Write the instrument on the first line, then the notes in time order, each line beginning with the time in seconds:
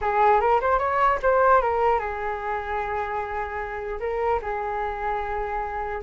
flute
0.01 G#4
0.40 A#4
0.60 C5
0.78 C#5
1.22 C5
1.61 A#4
1.99 G#4
3.99 A#4
4.41 G#4